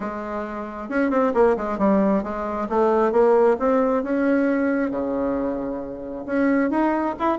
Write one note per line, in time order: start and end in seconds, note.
0.00 0.89 G#3
0.89 1.10 C#4
1.10 1.32 C4
1.34 1.56 A#3
1.57 1.78 G#3
1.78 2.23 G3
2.23 2.68 G#3
2.69 3.12 A3
3.12 3.57 A#3
3.59 4.03 C4
4.03 4.90 C#4
4.90 6.25 C#3
6.26 6.70 C#4
6.70 7.15 D#4
7.19 7.38 E4